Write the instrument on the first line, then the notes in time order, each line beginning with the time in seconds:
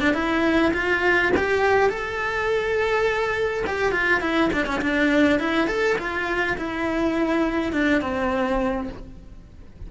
cello
0.00 D4
0.14 E4
0.73 F4
1.36 G4
1.89 A4
3.66 G4
3.91 F4
4.20 E4
4.53 D4
4.66 C#4
4.81 D4
5.39 E4
5.67 A4
5.98 F4
6.57 E4
7.72 D4
8.01 C4